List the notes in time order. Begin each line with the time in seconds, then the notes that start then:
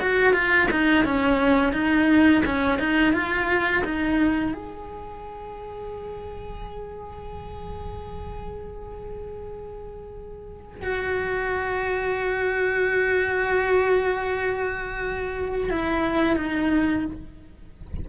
0.00 F#4
0.33 F4
0.71 D#4
1.05 C#4
1.73 D#4
2.45 C#4
2.79 D#4
3.13 F4
3.84 D#4
4.54 G#4
10.82 F#4
15.70 E4
16.36 D#4